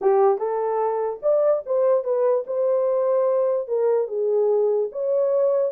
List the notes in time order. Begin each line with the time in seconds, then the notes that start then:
0.01 G4
0.38 A4
1.22 D5
1.65 C5
2.04 B4
2.46 C5
3.67 A#4
4.07 G#4
4.92 C#5